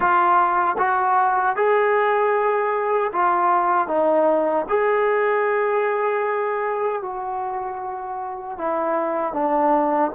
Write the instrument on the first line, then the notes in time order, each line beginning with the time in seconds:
trombone
0.00 F4
0.78 F#4
1.55 G#4
3.12 F4
3.87 D#4
4.69 G#4
7.02 F#4
8.58 E4
9.33 D4